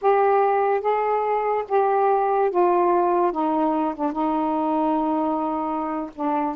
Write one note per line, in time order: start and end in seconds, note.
0.01 0.80 G4
0.80 1.64 G#4
1.68 2.50 G4
2.50 3.32 F4
3.32 3.94 D#4
3.94 4.12 D4
4.12 6.10 D#4
6.15 6.55 D4